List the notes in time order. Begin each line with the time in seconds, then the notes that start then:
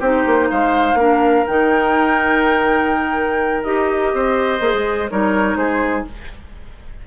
0.00 C4 D#4 G4 C5
0.27 A#3
0.51 G#3 C5 F5
0.94 A#3 D4 A#4
1.47 D#3 D#4 G5
3.64 D#4 G4 D#5
4.14 C4 C5
4.61 A#3 G#4
4.74 G#3
5.10 G3 D#4 A#4 C#5
5.56 G#3 G#4 C5